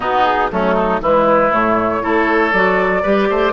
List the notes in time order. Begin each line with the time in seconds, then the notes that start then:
0.00 B2 B3 D#4 F#4
0.24 G#4
0.51 F#3 A3 C#4 A4
0.74 D#4
1.01 E3 G#3 E4 B4
1.51 A2 A3 C#5
2.01 A3 E4 A4
2.52 F#3 F#4 D5
3.02 G3 G4 B4
3.29 A3 C5